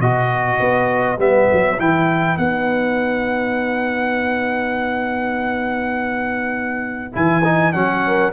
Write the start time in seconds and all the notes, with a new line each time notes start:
0.00 B2 F#4 B4 D#5
0.60 B3
1.18 G3 B3 E5
1.53 F#3
1.78 E3 E4 G5
2.38 B3 D#4 F#5
7.13 E3 E4 G#5
7.44 D#4
7.73 F#3 C#4 F#5
8.07 A#4